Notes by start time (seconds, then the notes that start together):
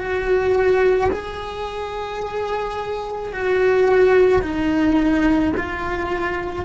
0.00 F#4
1.12 G#4
3.33 F#4
4.42 D#4
5.57 F4